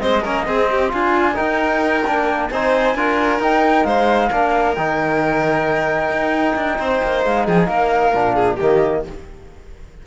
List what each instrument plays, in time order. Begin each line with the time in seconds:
0.00 cello G#3, trombone C4, violin C5, flute D#5
0.22 cello A#3, trombone C#4, violin A#4
0.46 trombone C4, cello C4, violin G#4
0.71 violin G4
0.88 cello D4, trombone F4, violin F4, flute G#5
1.34 trombone D#4, cello D#4, violin A#4, flute G5
2.05 cello A#3, trombone D4
2.51 cello C4, trombone D#4, violin C5, flute G#5
2.95 cello D4, trombone F4, violin A#4
3.40 cello D#4, trombone D#4, flute G5
3.84 cello G#3, violin C5, flute F5
4.29 cello A#3, trombone D4, violin A#4
4.75 cello D#3, trombone D#4, flute G5
6.10 cello D#4
6.56 cello D4
6.79 cello C4, violin C5
7.03 cello A#3
7.24 cello G#3, flute F5
7.45 cello F3, violin G#4, flute G5
7.59 flute G#5
7.67 cello A#3, violin A#4, flute F5
8.13 cello A#2, trombone D4
8.35 violin G#4
8.57 cello D#3, trombone A#3, violin G4, flute D#5